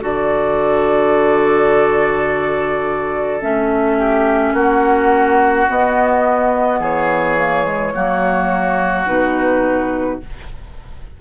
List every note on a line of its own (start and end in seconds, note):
0.00 3.41 D3
0.00 3.40 F#4
0.00 3.97 A4
0.00 3.42 D5
3.41 4.53 A3
3.41 5.67 C#4
3.41 4.55 E5
3.97 4.53 G4
4.53 5.66 A#3
4.53 6.80 F#4
4.53 5.69 F#5
5.68 7.37 B3
5.68 6.79 B3
5.68 6.81 D#5
6.79 7.93 E3
6.79 7.93 G#4
6.79 9.06 C#5
7.37 7.63 A#3
7.63 7.91 G#3
7.94 9.06 F#3
7.94 9.06 A#3
7.94 10.21 F#4
9.06 10.20 B2
9.06 10.19 D#4
9.06 10.19 B4